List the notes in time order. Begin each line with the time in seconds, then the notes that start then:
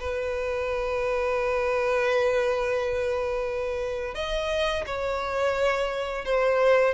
0.00 B4
4.15 D#5
4.87 C#5
6.25 C5